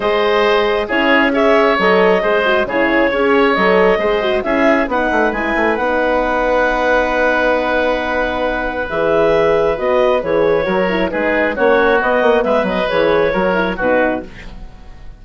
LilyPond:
<<
  \new Staff \with { instrumentName = "clarinet" } { \time 4/4 \tempo 4 = 135 dis''2 cis''4 e''4 | dis''2 cis''2 | dis''2 e''4 fis''4 | gis''4 fis''2.~ |
fis''1 | e''2 dis''4 cis''4~ | cis''4 b'4 cis''4 dis''4 | e''8 dis''8 cis''2 b'4 | }
  \new Staff \with { instrumentName = "oboe" } { \time 4/4 c''2 gis'4 cis''4~ | cis''4 c''4 gis'4 cis''4~ | cis''4 c''4 gis'4 b'4~ | b'1~ |
b'1~ | b'1 | ais'4 gis'4 fis'2 | b'2 ais'4 fis'4 | }
  \new Staff \with { instrumentName = "horn" } { \time 4/4 gis'2 e'4 gis'4 | a'4 gis'8 fis'8 e'4 gis'4 | a'4 gis'8 fis'8 e'4 dis'4 | e'4 dis'2.~ |
dis'1 | gis'2 fis'4 gis'4 | fis'8 e'8 dis'4 cis'4 b4~ | b4 gis'4 fis'8 e'8 dis'4 | }
  \new Staff \with { instrumentName = "bassoon" } { \time 4/4 gis2 cis'2 | fis4 gis4 cis4 cis'4 | fis4 gis4 cis'4 b8 a8 | gis8 a8 b2.~ |
b1 | e2 b4 e4 | fis4 gis4 ais4 b8 ais8 | gis8 fis8 e4 fis4 b,4 | }
>>